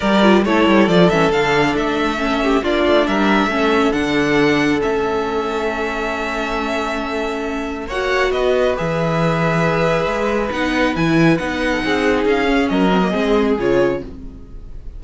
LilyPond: <<
  \new Staff \with { instrumentName = "violin" } { \time 4/4 \tempo 4 = 137 d''4 cis''4 d''8 e''8 f''4 | e''2 d''4 e''4~ | e''4 fis''2 e''4~ | e''1~ |
e''2 fis''4 dis''4 | e''1 | fis''4 gis''4 fis''2 | f''4 dis''2 cis''4 | }
  \new Staff \with { instrumentName = "violin" } { \time 4/4 ais'4 a'2.~ | a'4. g'8 f'4 ais'4 | a'1~ | a'1~ |
a'2 cis''4 b'4~ | b'1~ | b'2~ b'8. a'16 gis'4~ | gis'4 ais'4 gis'2 | }
  \new Staff \with { instrumentName = "viola" } { \time 4/4 g'8 f'8 e'4 f'8 cis'8 d'4~ | d'4 cis'4 d'2 | cis'4 d'2 cis'4~ | cis'1~ |
cis'2 fis'2 | gis'1 | dis'4 e'4 dis'2~ | dis'8 cis'4 c'16 ais16 c'4 f'4 | }
  \new Staff \with { instrumentName = "cello" } { \time 4/4 g4 a8 g8 f8 e8 d4 | a2 ais8 a8 g4 | a4 d2 a4~ | a1~ |
a2 ais4 b4 | e2. gis4 | b4 e4 b4 c'4 | cis'4 fis4 gis4 cis4 | }
>>